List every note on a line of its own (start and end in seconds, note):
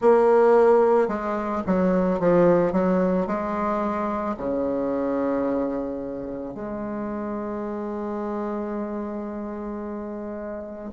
0.01 1.08 A#3
1.08 1.62 G#3
1.66 2.19 F#3
2.19 2.72 F3
2.72 3.26 F#3
3.27 4.36 G#3
4.37 6.54 C#3
6.54 10.90 G#3